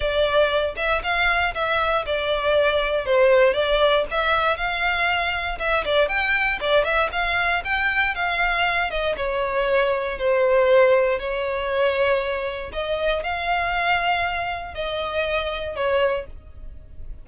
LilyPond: \new Staff \with { instrumentName = "violin" } { \time 4/4 \tempo 4 = 118 d''4. e''8 f''4 e''4 | d''2 c''4 d''4 | e''4 f''2 e''8 d''8 | g''4 d''8 e''8 f''4 g''4 |
f''4. dis''8 cis''2 | c''2 cis''2~ | cis''4 dis''4 f''2~ | f''4 dis''2 cis''4 | }